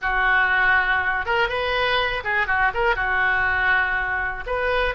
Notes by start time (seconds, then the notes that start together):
0.01 F#4
1.25 A#4
1.49 B4
2.24 G#4
2.47 F#4
2.74 A#4
2.95 F#4
4.46 B4